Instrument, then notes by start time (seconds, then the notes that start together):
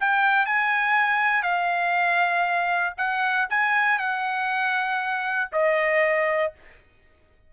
trumpet
0.00 G5
0.46 G#5
1.43 F5
2.97 F#5
3.50 G#5
3.99 F#5
5.52 D#5